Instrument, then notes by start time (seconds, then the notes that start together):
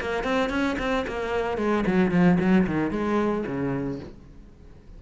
cello
0.00 A#3
0.23 C4
0.49 C#4
0.79 C4
1.07 A#3
1.57 G#3
1.86 F#3
2.11 F3
2.39 F#3
2.66 D#3
2.91 G#3
3.46 C#3